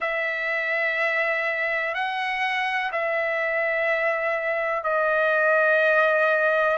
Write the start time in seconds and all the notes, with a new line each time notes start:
0.00 E5
1.94 F#5
2.92 E5
4.83 D#5